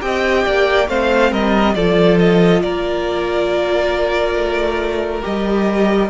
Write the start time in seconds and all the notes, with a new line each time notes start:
0.00 C4 G4 D#5 G5
0.45 A#3 D5
0.87 A3 C4 C5 F5
1.31 G3 A#4 D#5
1.74 F3 F4 A4 D5
2.18 D#5
2.61 A#3 A#4 D5
4.35 A3
5.22 G3 G4 D#5